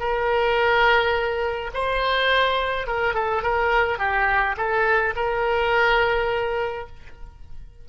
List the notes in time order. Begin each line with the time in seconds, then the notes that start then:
0.00 A#4
1.74 C5
2.88 A#4
3.15 A4
3.43 A#4
3.99 G4
4.57 A4
5.16 A#4